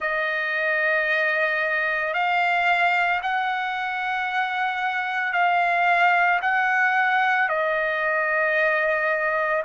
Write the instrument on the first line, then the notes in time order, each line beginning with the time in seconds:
trumpet
0.00 D#5
2.13 F5
3.22 F#5
5.33 F5
6.41 F#5
7.49 D#5